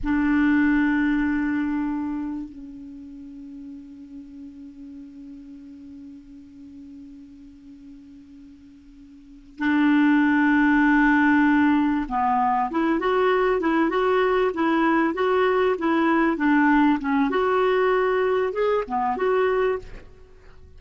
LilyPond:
\new Staff \with { instrumentName = "clarinet" } { \time 4/4 \tempo 4 = 97 d'1 | cis'1~ | cis'1~ | cis'2.~ cis'8 d'8~ |
d'2.~ d'8 b8~ | b8 e'8 fis'4 e'8 fis'4 e'8~ | e'8 fis'4 e'4 d'4 cis'8 | fis'2 gis'8 b8 fis'4 | }